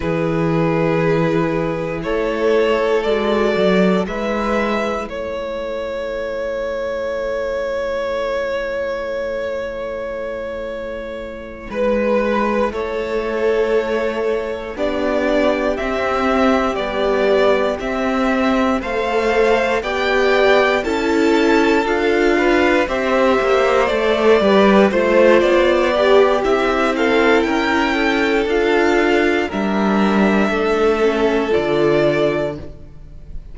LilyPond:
<<
  \new Staff \with { instrumentName = "violin" } { \time 4/4 \tempo 4 = 59 b'2 cis''4 d''4 | e''4 cis''2.~ | cis''2.~ cis''8 b'8~ | b'8 cis''2 d''4 e''8~ |
e''8 d''4 e''4 f''4 g''8~ | g''8 a''4 f''4 e''4 d''8~ | d''8 c''8 d''4 e''8 f''8 g''4 | f''4 e''2 d''4 | }
  \new Staff \with { instrumentName = "violin" } { \time 4/4 gis'2 a'2 | b'4 a'2.~ | a'2.~ a'8 b'8~ | b'8 a'2 g'4.~ |
g'2~ g'8 c''4 d''8~ | d''8 a'4. b'8 c''4. | b'8 c''4 g'4 a'8 ais'8 a'8~ | a'4 ais'4 a'2 | }
  \new Staff \with { instrumentName = "viola" } { \time 4/4 e'2. fis'4 | e'1~ | e'1~ | e'2~ e'8 d'4 c'8~ |
c'8 g4 c'4 a'4 g'8~ | g'8 e'4 f'4 g'4 a'8 | g'8 f'4 g'8 e'2 | f'4 d'4. cis'8 f'4 | }
  \new Staff \with { instrumentName = "cello" } { \time 4/4 e2 a4 gis8 fis8 | gis4 a2.~ | a2.~ a8 gis8~ | gis8 a2 b4 c'8~ |
c'8 b4 c'4 a4 b8~ | b8 cis'4 d'4 c'8 ais8 a8 | g8 a8 b4 c'4 cis'4 | d'4 g4 a4 d4 | }
>>